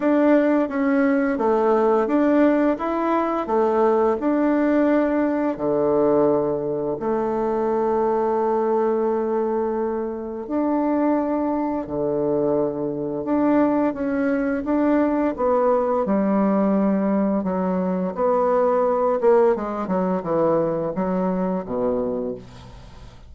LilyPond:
\new Staff \with { instrumentName = "bassoon" } { \time 4/4 \tempo 4 = 86 d'4 cis'4 a4 d'4 | e'4 a4 d'2 | d2 a2~ | a2. d'4~ |
d'4 d2 d'4 | cis'4 d'4 b4 g4~ | g4 fis4 b4. ais8 | gis8 fis8 e4 fis4 b,4 | }